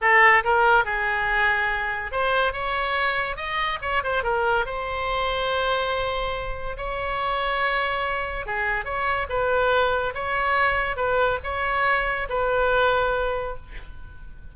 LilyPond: \new Staff \with { instrumentName = "oboe" } { \time 4/4 \tempo 4 = 142 a'4 ais'4 gis'2~ | gis'4 c''4 cis''2 | dis''4 cis''8 c''8 ais'4 c''4~ | c''1 |
cis''1 | gis'4 cis''4 b'2 | cis''2 b'4 cis''4~ | cis''4 b'2. | }